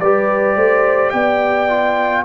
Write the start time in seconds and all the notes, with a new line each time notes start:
0.00 G3 G4 B4 D5
0.56 A3 C5
1.10 B3 D5 G5
1.69 F4